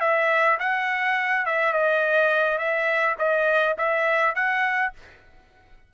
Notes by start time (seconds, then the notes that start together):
0.00 E5
0.59 F#5
1.45 E5
1.73 D#5
2.58 E5
3.18 D#5
3.78 E5
4.35 F#5